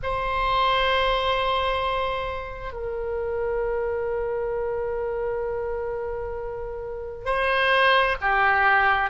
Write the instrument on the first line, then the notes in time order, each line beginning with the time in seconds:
oboe
0.02 C5
2.73 A#4
7.25 C5
8.21 G4